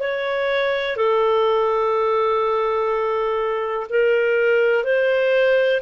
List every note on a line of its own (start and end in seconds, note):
0.00 0.97 C#5
0.97 3.87 A4
3.90 4.84 A#4
4.84 5.81 C5